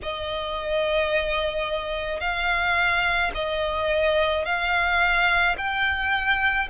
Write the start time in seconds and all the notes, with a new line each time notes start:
0.02 D#5
2.20 F5
3.34 D#5
4.44 F5
5.57 G5